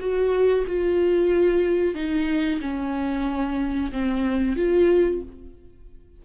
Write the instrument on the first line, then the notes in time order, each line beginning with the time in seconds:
viola
0.00 F#4
0.67 F4
1.95 D#4
2.61 C#4
3.92 C4
4.56 F4